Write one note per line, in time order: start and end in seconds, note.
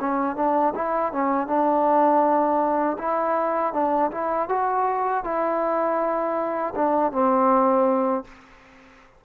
0.00 0.36 C#4
0.36 0.74 D4
0.75 1.12 E4
1.12 1.47 C#4
1.47 2.97 D4
2.99 3.73 E4
3.73 4.11 D4
4.11 4.49 E4
4.49 5.24 F#4
5.24 6.74 E4
6.75 7.12 D4
7.12 8.25 C4